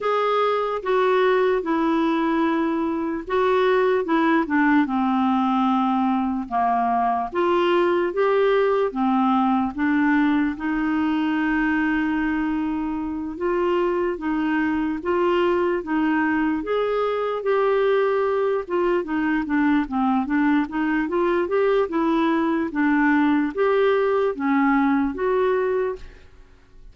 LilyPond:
\new Staff \with { instrumentName = "clarinet" } { \time 4/4 \tempo 4 = 74 gis'4 fis'4 e'2 | fis'4 e'8 d'8 c'2 | ais4 f'4 g'4 c'4 | d'4 dis'2.~ |
dis'8 f'4 dis'4 f'4 dis'8~ | dis'8 gis'4 g'4. f'8 dis'8 | d'8 c'8 d'8 dis'8 f'8 g'8 e'4 | d'4 g'4 cis'4 fis'4 | }